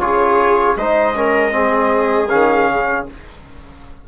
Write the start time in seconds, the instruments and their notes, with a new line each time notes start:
0.00 bassoon C#3, trombone F4, viola G#4, trumpet C#5
0.76 bassoon G#3, trombone D#4, viola C5, trumpet D#5
1.16 trombone C#4, viola A#4
1.52 trombone C4, viola G#4
2.29 bassoon D#3, trombone C#4, trumpet F5
2.70 bassoon C#3